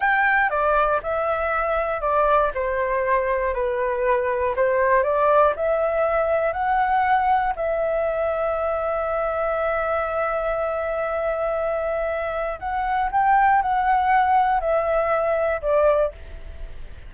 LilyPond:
\new Staff \with { instrumentName = "flute" } { \time 4/4 \tempo 4 = 119 g''4 d''4 e''2 | d''4 c''2 b'4~ | b'4 c''4 d''4 e''4~ | e''4 fis''2 e''4~ |
e''1~ | e''1~ | e''4 fis''4 g''4 fis''4~ | fis''4 e''2 d''4 | }